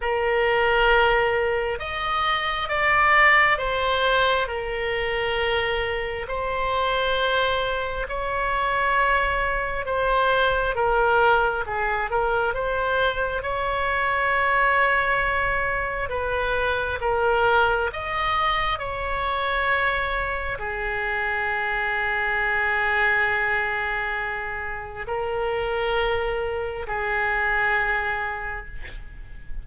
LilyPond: \new Staff \with { instrumentName = "oboe" } { \time 4/4 \tempo 4 = 67 ais'2 dis''4 d''4 | c''4 ais'2 c''4~ | c''4 cis''2 c''4 | ais'4 gis'8 ais'8 c''4 cis''4~ |
cis''2 b'4 ais'4 | dis''4 cis''2 gis'4~ | gis'1 | ais'2 gis'2 | }